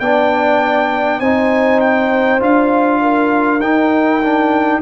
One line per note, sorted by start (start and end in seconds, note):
0.00 1.21 B3
0.00 1.23 D4
0.00 1.21 D5
0.00 1.20 G5
1.20 2.41 C4
1.20 2.40 D#4
1.20 3.01 C5
1.20 1.80 G#5
1.80 2.41 G5
2.40 3.60 D4
2.40 3.60 F4
2.40 3.61 F5
3.01 4.81 A#4
3.60 4.80 D#4
3.60 4.22 D#4
3.60 4.81 G5
4.24 4.82 D4